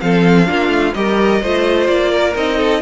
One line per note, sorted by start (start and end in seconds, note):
0.00 0.49 F3
0.00 0.45 C4
0.00 0.49 A4
0.00 0.94 F5
0.45 0.69 A#3
0.45 0.92 D4
0.45 0.95 F4
0.69 0.92 A3
0.94 1.42 G3
0.94 1.42 G4
0.94 1.42 A#4
0.94 1.87 D#5
1.42 1.88 A3
1.42 2.34 F4
1.42 2.11 C5
1.87 2.35 A#3
1.87 2.34 D5
2.11 2.58 A#4
2.34 2.82 C4
2.34 2.81 D#4
2.34 2.82 D#5
2.58 2.81 A4